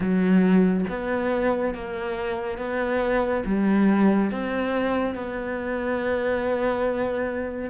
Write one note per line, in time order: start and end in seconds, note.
0.00 0.85 F#3
0.89 1.74 B3
1.74 2.58 A#3
2.58 3.43 B3
3.45 4.31 G3
4.31 5.14 C4
5.14 7.70 B3